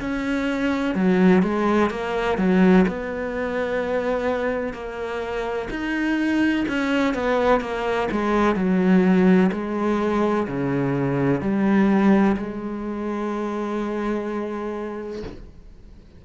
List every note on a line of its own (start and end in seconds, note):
0.00 0.95 C#4
0.95 1.42 F#3
1.42 1.90 G#3
1.90 2.38 A#3
2.38 2.85 F#3
2.88 4.73 B3
4.73 5.68 A#3
5.70 6.65 D#4
6.68 7.14 C#4
7.14 7.61 B3
7.61 8.08 A#3
8.11 8.55 G#3
8.55 9.51 F#3
9.52 10.47 G#3
10.47 11.41 C#3
11.41 12.36 G3
12.37 15.23 G#3